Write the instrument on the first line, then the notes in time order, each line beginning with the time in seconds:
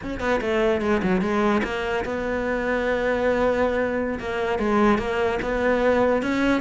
cello
0.03 C#4
0.19 B3
0.41 A3
0.81 G#3
1.02 F#3
1.21 G#3
1.63 A#3
2.04 B3
4.19 A#3
4.58 G#3
4.98 A#3
5.42 B3
6.22 C#4